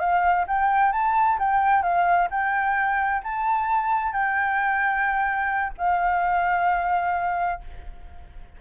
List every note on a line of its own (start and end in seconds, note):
0.00 0.46 F5
0.47 0.92 G5
0.92 1.38 A5
1.39 1.82 G5
1.82 2.28 F5
2.30 3.22 G5
3.24 4.12 A5
4.12 5.73 G5
5.78 7.61 F5